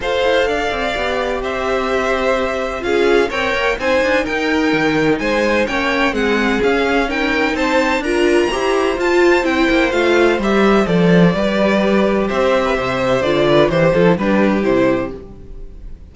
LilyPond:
<<
  \new Staff \with { instrumentName = "violin" } { \time 4/4 \tempo 4 = 127 f''2. e''4~ | e''2 f''4 g''4 | gis''4 g''2 gis''4 | g''4 fis''4 f''4 g''4 |
a''4 ais''2 a''4 | g''4 f''4 e''4 d''4~ | d''2 e''2 | d''4 c''8 a'8 b'4 c''4 | }
  \new Staff \with { instrumentName = "violin" } { \time 4/4 c''4 d''2 c''4~ | c''2 gis'4 cis''4 | c''4 ais'2 c''4 | cis''4 gis'2 ais'4 |
c''4 ais'4 c''2~ | c''1 | b'2 c''8. b'16 c''4~ | c''8 b'8 c''4 g'2 | }
  \new Staff \with { instrumentName = "viola" } { \time 4/4 a'2 g'2~ | g'2 f'4 ais'4 | dis'1 | cis'4 c'4 cis'4 dis'4~ |
dis'4 f'4 g'4 f'4 | e'4 f'4 g'4 a'4 | g'1 | f'4 g'8 f'16 e'16 d'4 e'4 | }
  \new Staff \with { instrumentName = "cello" } { \time 4/4 f'8 e'8 d'8 c'8 b4 c'4~ | c'2 cis'4 c'8 ais8 | c'8 d'8 dis'4 dis4 gis4 | ais4 gis4 cis'2 |
c'4 d'4 e'4 f'4 | c'8 ais8 a4 g4 f4 | g2 c'4 c4 | d4 e8 f8 g4 c4 | }
>>